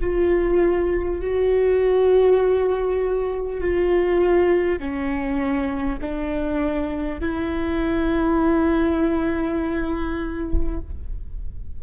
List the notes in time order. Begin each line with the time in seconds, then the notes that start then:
0.00 F4
1.21 F#4
3.60 F4
4.79 C#4
6.01 D4
7.19 E4